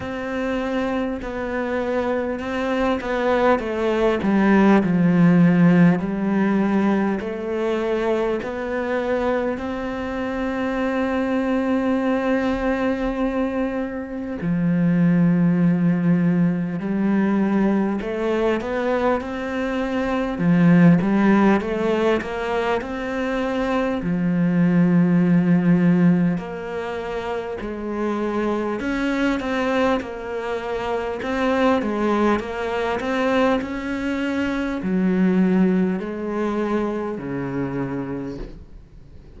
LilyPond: \new Staff \with { instrumentName = "cello" } { \time 4/4 \tempo 4 = 50 c'4 b4 c'8 b8 a8 g8 | f4 g4 a4 b4 | c'1 | f2 g4 a8 b8 |
c'4 f8 g8 a8 ais8 c'4 | f2 ais4 gis4 | cis'8 c'8 ais4 c'8 gis8 ais8 c'8 | cis'4 fis4 gis4 cis4 | }